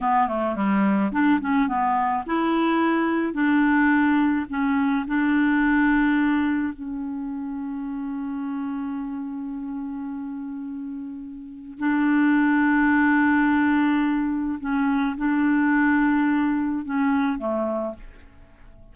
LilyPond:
\new Staff \with { instrumentName = "clarinet" } { \time 4/4 \tempo 4 = 107 b8 a8 g4 d'8 cis'8 b4 | e'2 d'2 | cis'4 d'2. | cis'1~ |
cis'1~ | cis'4 d'2.~ | d'2 cis'4 d'4~ | d'2 cis'4 a4 | }